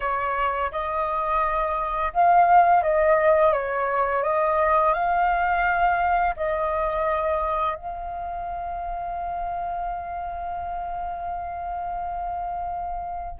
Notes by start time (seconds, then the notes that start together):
0.00 C#5
0.71 D#5
2.13 F5
2.82 D#5
3.52 C#5
4.23 D#5
4.93 F5
6.36 D#5
7.75 F5